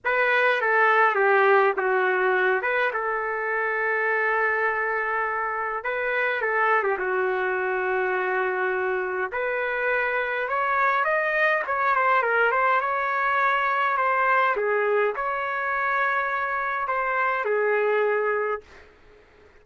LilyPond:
\new Staff \with { instrumentName = "trumpet" } { \time 4/4 \tempo 4 = 103 b'4 a'4 g'4 fis'4~ | fis'8 b'8 a'2.~ | a'2 b'4 a'8. g'16 | fis'1 |
b'2 cis''4 dis''4 | cis''8 c''8 ais'8 c''8 cis''2 | c''4 gis'4 cis''2~ | cis''4 c''4 gis'2 | }